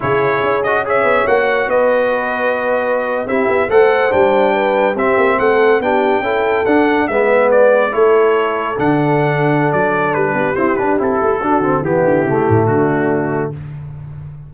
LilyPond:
<<
  \new Staff \with { instrumentName = "trumpet" } { \time 4/4 \tempo 4 = 142 cis''4. dis''8 e''4 fis''4 | dis''2.~ dis''8. e''16~ | e''8. fis''4 g''2 e''16~ | e''8. fis''4 g''2 fis''16~ |
fis''8. e''4 d''4 cis''4~ cis''16~ | cis''8. fis''2~ fis''16 d''4 | b'4 c''8 b'8 a'2 | g'2 fis'2 | }
  \new Staff \with { instrumentName = "horn" } { \time 4/4 gis'2 cis''2 | b'2.~ b'8. g'16~ | g'8. c''2 b'4 g'16~ | g'8. a'4 g'4 a'4~ a'16~ |
a'8. b'2 a'4~ a'16~ | a'1~ | a'8 g'2~ g'8 fis'4 | e'2 d'2 | }
  \new Staff \with { instrumentName = "trombone" } { \time 4/4 e'4. fis'8 gis'4 fis'4~ | fis'2.~ fis'8. e'16~ | e'8. a'4 d'2 c'16~ | c'4.~ c'16 d'4 e'4 d'16~ |
d'8. b2 e'4~ e'16~ | e'8. d'2.~ d'16~ | d'4 c'8 d'8 e'4 d'8 c'8 | b4 a2. | }
  \new Staff \with { instrumentName = "tuba" } { \time 4/4 cis4 cis'4. b8 ais4 | b2.~ b8. c'16~ | c'16 b8 a4 g2 c'16~ | c'16 ais8 a4 b4 cis'4 d'16~ |
d'8. gis2 a4~ a16~ | a8. d2~ d16 fis4 | g8 b8 e'8 d'8 c'8 a8 d'8 d8 | e8 d8 cis8 a,8 d2 | }
>>